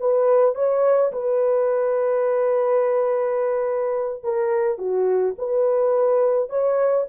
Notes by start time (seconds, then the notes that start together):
0.00 B4
0.55 C#5
1.12 B4
4.23 A#4
4.78 F#4
5.39 B4
6.50 C#5